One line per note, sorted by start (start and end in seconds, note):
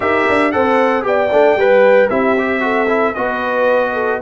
0.00 0.25 D#4
0.00 0.52 G4
0.00 0.54 A#4
0.00 0.51 E5
0.29 0.54 D4
0.51 1.04 C4
0.51 1.02 A4
0.51 1.07 C5
0.51 1.04 F#5
1.02 1.30 B3
1.02 1.28 G4
1.02 1.60 D5
1.02 2.09 G5
1.32 1.55 A3
1.32 1.58 D4
1.55 2.08 G3
1.55 2.08 B4
1.55 2.10 B4
2.08 3.15 C4
2.08 2.36 E4
2.08 2.61 G4
2.08 3.14 E5
2.38 2.60 G4
2.60 2.86 F#4
2.60 3.15 A4
2.88 3.14 E4
3.14 4.21 B3
3.14 4.21 F#4
3.14 3.93 B4
3.14 4.19 D#5
3.93 4.19 A4